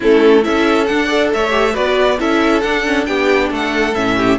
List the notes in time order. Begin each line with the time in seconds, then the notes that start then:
0.00 A3 C#4 E4 A4
0.42 C#4 E4 A4 E5
0.86 D4 F#5
1.05 A4 D5
1.33 A3 C#5 E5
1.49 G4
1.73 B3 F#4 B4 D5
2.19 C#4 E4 A4 E5
2.61 D4 F#5
2.85 C#4
3.04 B3 D4 G4 G5
3.49 A3 A4 F#5
3.94 A2 C#4 E5
4.16 G4